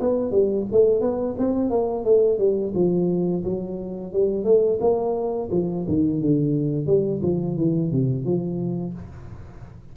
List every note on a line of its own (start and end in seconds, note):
0.00 0.31 B3
0.31 0.66 G3
0.71 1.01 A3
1.01 1.35 B3
1.38 1.70 C4
1.70 2.04 A#3
2.04 2.38 A3
2.38 2.73 G3
2.75 3.44 F3
3.44 4.13 F#3
4.13 4.45 G3
4.45 4.79 A3
4.80 5.49 A#3
5.51 5.86 F3
5.88 6.21 D#3
6.21 6.87 D3
6.87 7.21 G3
7.23 7.57 F3
7.57 7.92 E3
7.92 8.25 C3
8.25 8.94 F3